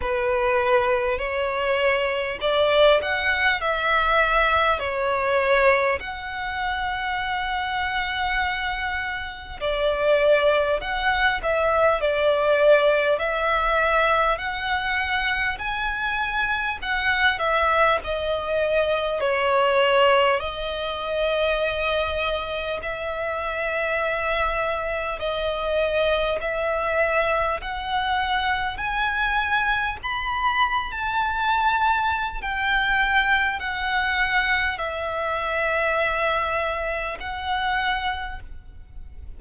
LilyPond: \new Staff \with { instrumentName = "violin" } { \time 4/4 \tempo 4 = 50 b'4 cis''4 d''8 fis''8 e''4 | cis''4 fis''2. | d''4 fis''8 e''8 d''4 e''4 | fis''4 gis''4 fis''8 e''8 dis''4 |
cis''4 dis''2 e''4~ | e''4 dis''4 e''4 fis''4 | gis''4 b''8. a''4~ a''16 g''4 | fis''4 e''2 fis''4 | }